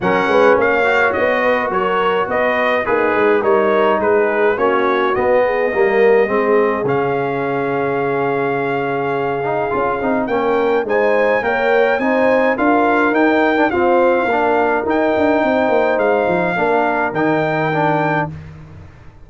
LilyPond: <<
  \new Staff \with { instrumentName = "trumpet" } { \time 4/4 \tempo 4 = 105 fis''4 f''4 dis''4 cis''4 | dis''4 b'4 cis''4 b'4 | cis''4 dis''2. | f''1~ |
f''2 g''4 gis''4 | g''4 gis''4 f''4 g''4 | f''2 g''2 | f''2 g''2 | }
  \new Staff \with { instrumentName = "horn" } { \time 4/4 ais'8 b'8 cis''4. b'8 ais'4 | b'4 dis'4 ais'4 gis'4 | fis'4. gis'8 ais'4 gis'4~ | gis'1~ |
gis'2 ais'4 c''4 | cis''4 c''4 ais'2 | c''4 ais'2 c''4~ | c''4 ais'2. | }
  \new Staff \with { instrumentName = "trombone" } { \time 4/4 cis'4. fis'2~ fis'8~ | fis'4 gis'4 dis'2 | cis'4 b4 ais4 c'4 | cis'1~ |
cis'8 dis'8 f'8 dis'8 cis'4 dis'4 | ais'4 dis'4 f'4 dis'8. d'16 | c'4 d'4 dis'2~ | dis'4 d'4 dis'4 d'4 | }
  \new Staff \with { instrumentName = "tuba" } { \time 4/4 fis8 gis8 ais4 b4 fis4 | b4 ais8 gis8 g4 gis4 | ais4 b4 g4 gis4 | cis1~ |
cis4 cis'8 c'8 ais4 gis4 | ais4 c'4 d'4 dis'4 | f'4 ais4 dis'8 d'8 c'8 ais8 | gis8 f8 ais4 dis2 | }
>>